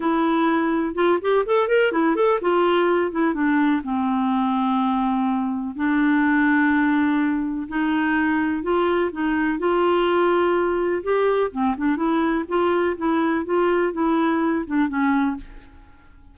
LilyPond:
\new Staff \with { instrumentName = "clarinet" } { \time 4/4 \tempo 4 = 125 e'2 f'8 g'8 a'8 ais'8 | e'8 a'8 f'4. e'8 d'4 | c'1 | d'1 |
dis'2 f'4 dis'4 | f'2. g'4 | c'8 d'8 e'4 f'4 e'4 | f'4 e'4. d'8 cis'4 | }